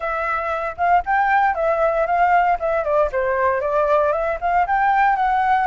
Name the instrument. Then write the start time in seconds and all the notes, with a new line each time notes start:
flute
0.00 E5
0.77 F5
1.05 G5
1.54 E5
2.06 F5
2.59 E5
2.83 D5
3.12 C5
3.61 D5
4.12 E5
4.40 F5
4.66 G5
5.16 F#5